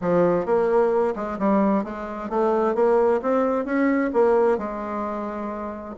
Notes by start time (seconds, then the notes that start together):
0.01 F3
0.45 A#3
1.15 G#3
1.39 G3
1.84 G#3
2.29 A3
2.75 A#3
3.21 C4
3.65 C#4
4.13 A#3
4.57 G#3